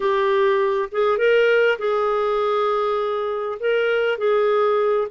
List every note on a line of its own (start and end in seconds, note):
0.00 0.89 G4
0.91 1.18 G#4
1.18 1.78 A#4
1.78 3.58 G#4
3.59 4.18 A#4
4.18 5.08 G#4